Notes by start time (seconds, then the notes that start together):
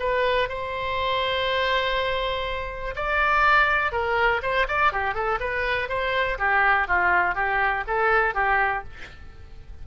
0.00 B4
0.49 C5
2.96 D5
3.92 A#4
4.42 C5
4.68 D5
4.92 G4
5.14 A4
5.40 B4
5.89 C5
6.39 G4
6.88 F4
7.35 G4
7.87 A4
8.35 G4